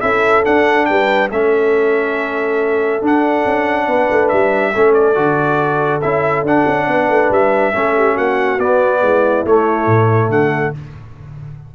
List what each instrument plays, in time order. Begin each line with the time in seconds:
0.00 tuba C#4, trombone E4, horn A4, trumpet E5
0.44 trombone D4, tuba D4, trumpet F#5
0.85 tuba G3, horn B4, trumpet G5
1.30 tuba A3, trombone C#4, horn A4, trumpet E5
3.01 tuba D4, trombone D4, trumpet F#5
3.45 tuba C#4
3.87 tuba B3, horn B4
4.10 tuba A3
4.28 tuba G3, trumpet E5
4.72 tuba A3, trombone C#4, horn A4
4.93 trumpet D5
5.15 tuba D3, trombone F#4
6.01 tuba C#4, trombone E4, trumpet E5
6.42 tuba D4, trombone D4, trumpet F#5
6.66 tuba C#4
6.87 tuba B3, horn B4
7.08 tuba A3
7.30 tuba G3, trumpet E5
7.73 tuba A3, trombone C#4, horn A4
7.95 horn G4
8.13 tuba A#3, horn F#4, trumpet F#5
8.58 tuba B3, trombone B3, trumpet D5
9.01 tuba G#3, horn E4
9.44 tuba A3, trombone A3, trumpet C#5
9.86 tuba A2
10.28 tuba D3, horn A4, trumpet F#5